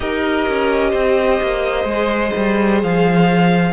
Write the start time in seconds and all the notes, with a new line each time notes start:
0.00 D#4 G4 A#4 D#5
0.48 C#4
0.89 C4 C5
1.41 A#3
1.84 G#3
1.90 G#4
2.36 G3
2.82 F3 F5